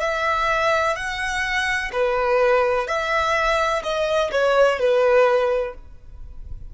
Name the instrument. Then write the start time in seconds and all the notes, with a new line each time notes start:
violin
0.00 E5
0.95 F#5
1.92 B4
2.87 E5
3.83 D#5
4.31 C#5
4.79 B4